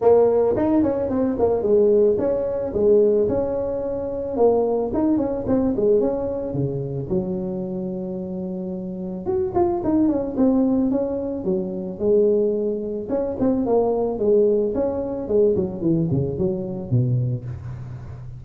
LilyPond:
\new Staff \with { instrumentName = "tuba" } { \time 4/4 \tempo 4 = 110 ais4 dis'8 cis'8 c'8 ais8 gis4 | cis'4 gis4 cis'2 | ais4 dis'8 cis'8 c'8 gis8 cis'4 | cis4 fis2.~ |
fis4 fis'8 f'8 dis'8 cis'8 c'4 | cis'4 fis4 gis2 | cis'8 c'8 ais4 gis4 cis'4 | gis8 fis8 e8 cis8 fis4 b,4 | }